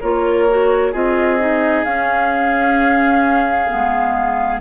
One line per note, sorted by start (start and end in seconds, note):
0.00 0.93 A#3
0.00 0.48 F4
0.00 0.92 A#4
0.00 0.92 C#5
0.49 0.93 F#4
0.92 1.84 C4
0.92 1.39 F4
0.92 4.61 G#4
0.92 1.84 D#5
1.39 1.85 D#4
1.84 3.68 C#4
1.84 4.61 F5
3.68 4.61 G#3
3.68 4.61 B3